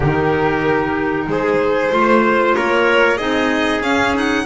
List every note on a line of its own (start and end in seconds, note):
0.00 1.26 D#3
0.00 1.90 D#4
0.00 1.27 G4
0.00 1.30 A#4
1.27 1.90 G#3
1.27 1.93 G#4
1.27 2.55 C5
1.90 2.55 A3
1.90 3.18 F4
1.90 2.56 C5
2.55 3.19 A#3
2.55 3.17 A#4
2.55 3.17 C#5
3.17 3.81 C4
3.17 3.82 D#4
3.17 4.45 G#4
3.17 3.81 D#5
3.81 4.45 C#4
3.81 4.14 C#4
3.81 4.14 F5
4.14 4.45 D#4
4.14 4.45 F#5